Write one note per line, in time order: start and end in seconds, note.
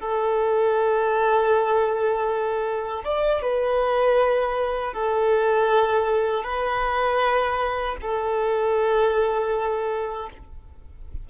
0.00 3.04 A4
3.04 3.42 D5
3.42 4.93 B4
4.93 6.44 A4
6.44 7.96 B4
8.02 10.29 A4